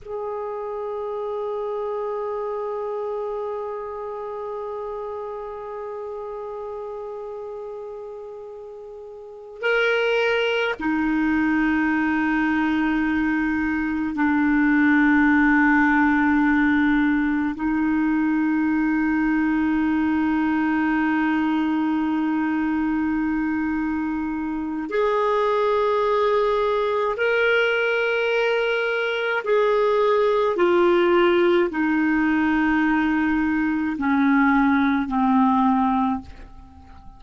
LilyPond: \new Staff \with { instrumentName = "clarinet" } { \time 4/4 \tempo 4 = 53 gis'1~ | gis'1~ | gis'8 ais'4 dis'2~ dis'8~ | dis'8 d'2. dis'8~ |
dis'1~ | dis'2 gis'2 | ais'2 gis'4 f'4 | dis'2 cis'4 c'4 | }